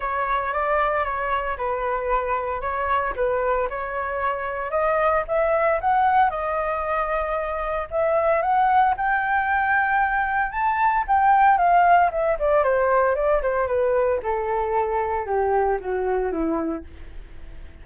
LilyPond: \new Staff \with { instrumentName = "flute" } { \time 4/4 \tempo 4 = 114 cis''4 d''4 cis''4 b'4~ | b'4 cis''4 b'4 cis''4~ | cis''4 dis''4 e''4 fis''4 | dis''2. e''4 |
fis''4 g''2. | a''4 g''4 f''4 e''8 d''8 | c''4 d''8 c''8 b'4 a'4~ | a'4 g'4 fis'4 e'4 | }